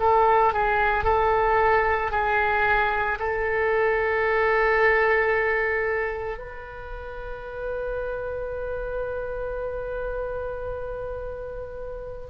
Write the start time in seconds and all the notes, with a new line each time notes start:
0.00 A4
0.54 G#4
1.05 A4
2.12 G#4
3.19 A4
6.38 B4